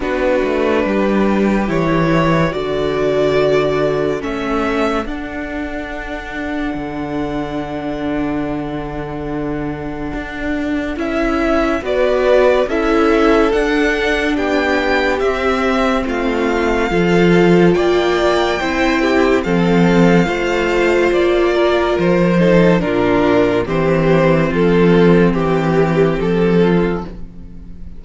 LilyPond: <<
  \new Staff \with { instrumentName = "violin" } { \time 4/4 \tempo 4 = 71 b'2 cis''4 d''4~ | d''4 e''4 fis''2~ | fis''1~ | fis''4 e''4 d''4 e''4 |
fis''4 g''4 e''4 f''4~ | f''4 g''2 f''4~ | f''4 d''4 c''4 ais'4 | c''4 a'4 g'4 a'4 | }
  \new Staff \with { instrumentName = "violin" } { \time 4/4 fis'4 g'2 a'4~ | a'1~ | a'1~ | a'2 b'4 a'4~ |
a'4 g'2 f'4 | a'4 d''4 c''8 g'8 a'4 | c''4. ais'4 a'8 f'4 | g'4 f'4 g'4. f'8 | }
  \new Staff \with { instrumentName = "viola" } { \time 4/4 d'2 e'4 fis'4~ | fis'4 cis'4 d'2~ | d'1~ | d'4 e'4 fis'4 e'4 |
d'2 c'2 | f'2 e'4 c'4 | f'2~ f'8 dis'8 d'4 | c'1 | }
  \new Staff \with { instrumentName = "cello" } { \time 4/4 b8 a8 g4 e4 d4~ | d4 a4 d'2 | d1 | d'4 cis'4 b4 cis'4 |
d'4 b4 c'4 a4 | f4 ais4 c'4 f4 | a4 ais4 f4 ais,4 | e4 f4 e4 f4 | }
>>